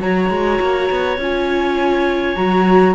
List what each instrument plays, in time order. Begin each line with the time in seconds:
0.00 cello F#3, viola F#4, clarinet C#5, flute A#5
0.30 cello G#3
0.60 cello A#3
0.90 cello B3
1.18 cello C#4, viola F4, flute G#5
2.36 cello F#3, viola F#4, flute A#5